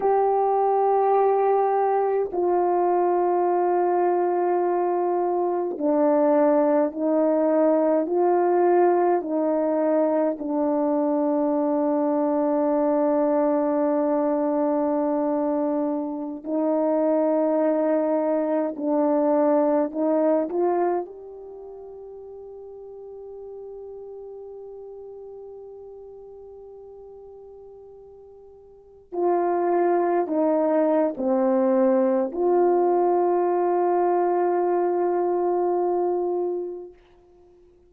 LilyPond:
\new Staff \with { instrumentName = "horn" } { \time 4/4 \tempo 4 = 52 g'2 f'2~ | f'4 d'4 dis'4 f'4 | dis'4 d'2.~ | d'2~ d'16 dis'4.~ dis'16~ |
dis'16 d'4 dis'8 f'8 g'4.~ g'16~ | g'1~ | g'4~ g'16 f'4 dis'8. c'4 | f'1 | }